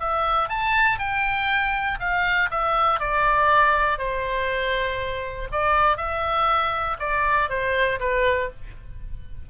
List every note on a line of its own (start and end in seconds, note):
0.00 0.49 E5
0.49 0.99 A5
0.99 1.99 G5
2.00 2.50 F5
2.51 3.00 E5
3.00 3.99 D5
3.99 5.48 C5
5.52 5.97 D5
5.97 6.97 E5
7.00 7.50 D5
7.50 8.00 C5
8.00 8.50 B4